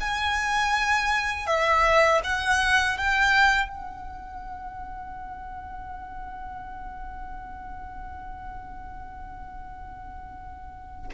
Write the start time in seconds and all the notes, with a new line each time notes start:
0.00 G#5
1.46 E5
2.24 F#5
2.97 G5
3.68 F#5